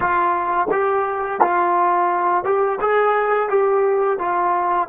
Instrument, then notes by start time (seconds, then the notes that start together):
trombone
0.00 F4
0.71 G4
1.40 F4
2.44 G4
2.80 G#4
3.49 G4
4.18 F4